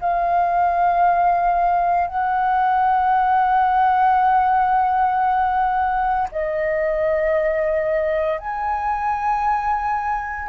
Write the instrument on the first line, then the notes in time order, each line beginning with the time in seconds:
flute
0.00 F5
2.07 F#5
6.31 D#5
8.39 G#5